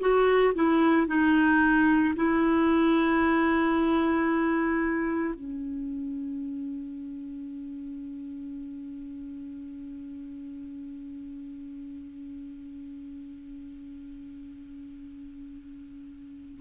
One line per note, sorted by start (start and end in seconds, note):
0.00 0.54 F#4
0.55 1.07 E4
1.07 2.14 D#4
2.16 5.34 E4
5.34 16.59 C#4